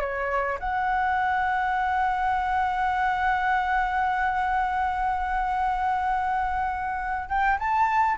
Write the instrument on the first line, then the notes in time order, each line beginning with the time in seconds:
flute
0.00 C#5
0.59 F#5
7.29 G5
7.59 A5